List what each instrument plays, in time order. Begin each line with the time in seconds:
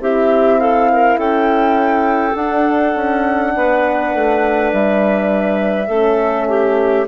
0.00 bassoon C4, horn E4, clarinet G4, flute E5
0.60 clarinet A4, flute F5
0.93 clarinet A#4
1.18 bassoon C#4, clarinet A4, flute G5
2.35 bassoon D4, horn D4, flute F#5
2.95 bassoon C#4
3.56 bassoon B3, clarinet B4
4.15 bassoon A3
4.73 bassoon G3, flute E5
5.88 bassoon A3, horn C#4, clarinet A4
6.49 clarinet G4